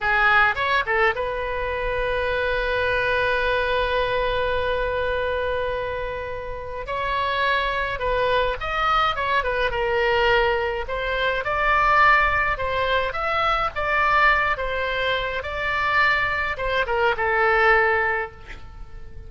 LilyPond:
\new Staff \with { instrumentName = "oboe" } { \time 4/4 \tempo 4 = 105 gis'4 cis''8 a'8 b'2~ | b'1~ | b'1 | cis''2 b'4 dis''4 |
cis''8 b'8 ais'2 c''4 | d''2 c''4 e''4 | d''4. c''4. d''4~ | d''4 c''8 ais'8 a'2 | }